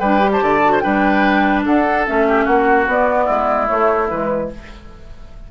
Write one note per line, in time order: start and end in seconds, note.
0.00 0.42 G3
0.00 0.20 D4
0.00 0.31 B4
0.00 0.31 G5
0.20 0.61 G4
0.32 0.44 C5
0.32 0.81 A5
0.42 0.83 D3
0.42 0.72 D5
0.65 0.82 F#4
0.72 0.83 C5
0.81 1.66 G3
0.81 2.05 D4
0.81 1.65 B4
0.81 1.62 G5
1.66 2.07 D4
1.66 2.27 A4
1.66 2.07 F#5
2.06 2.47 A3
2.06 2.87 C#4
2.06 2.46 E5
2.28 2.45 G4
2.45 2.87 A#3
2.45 3.25 F#4
2.45 2.87 F#5
2.87 3.28 B3
2.87 3.68 B3
2.87 3.68 D5
3.25 3.70 G#3
3.25 4.48 E4
3.68 4.09 A3
3.68 4.10 A3
3.68 4.08 C#5
4.09 4.51 E3
4.09 4.52 G#3
4.09 4.50 B4